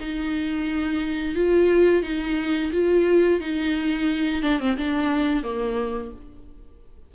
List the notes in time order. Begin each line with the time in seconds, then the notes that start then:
0.00 D#4
1.35 F4
2.03 D#4
2.72 F4
3.40 D#4
4.42 D4
4.60 C4
4.77 D4
5.43 A#3